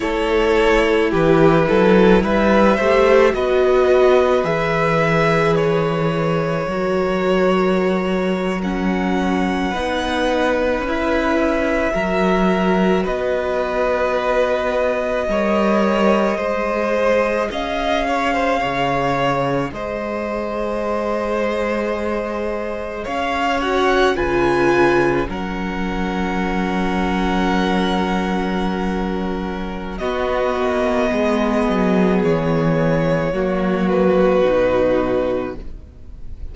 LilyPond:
<<
  \new Staff \with { instrumentName = "violin" } { \time 4/4 \tempo 4 = 54 cis''4 b'4 e''4 dis''4 | e''4 cis''2~ cis''8. fis''16~ | fis''4.~ fis''16 e''2 dis''16~ | dis''2.~ dis''8. f''16~ |
f''4.~ f''16 dis''2~ dis''16~ | dis''8. f''8 fis''8 gis''4 fis''4~ fis''16~ | fis''2. dis''4~ | dis''4 cis''4. b'4. | }
  \new Staff \with { instrumentName = "violin" } { \time 4/4 a'4 g'8 a'8 b'8 c''8 b'4~ | b'2 ais'2~ | ais'8. b'2 ais'4 b'16~ | b'4.~ b'16 cis''4 c''4 dis''16~ |
dis''16 cis''16 c''16 cis''4 c''2~ c''16~ | c''8. cis''4 b'4 ais'4~ ais'16~ | ais'2. fis'4 | gis'2 fis'2 | }
  \new Staff \with { instrumentName = "viola" } { \time 4/4 e'2~ e'8 g'8 fis'4 | gis'2 fis'4.~ fis'16 cis'16~ | cis'8. dis'4 e'4 fis'4~ fis'16~ | fis'4.~ fis'16 ais'4 gis'4~ gis'16~ |
gis'1~ | gis'4~ gis'16 fis'8 f'4 cis'4~ cis'16~ | cis'2. b4~ | b2 ais4 dis'4 | }
  \new Staff \with { instrumentName = "cello" } { \time 4/4 a4 e8 fis8 g8 a8 b4 | e2 fis2~ | fis8. b4 cis'4 fis4 b16~ | b4.~ b16 g4 gis4 cis'16~ |
cis'8. cis4 gis2~ gis16~ | gis8. cis'4 cis4 fis4~ fis16~ | fis2. b8 ais8 | gis8 fis8 e4 fis4 b,4 | }
>>